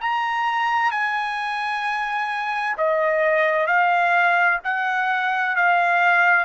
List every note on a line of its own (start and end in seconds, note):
0.00 0.91 A#5
0.91 2.76 G#5
2.77 3.67 D#5
3.67 4.59 F5
4.64 5.56 F#5
5.56 6.44 F5